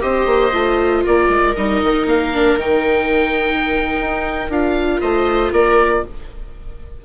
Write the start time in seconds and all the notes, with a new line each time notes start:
0.00 C4 G4 C5 D#5
0.26 A#3
0.53 A3 F4
1.04 A#3 A#4 D5
1.29 G#3
1.55 G3 D#4 D#5
1.83 D#3
2.06 A#3 F5
2.34 D4
2.57 D#3 D#4 G5
4.01 D#4
4.49 D4 F4 F5
5.01 A3 C5 D#5
5.53 A#3 A#4 D5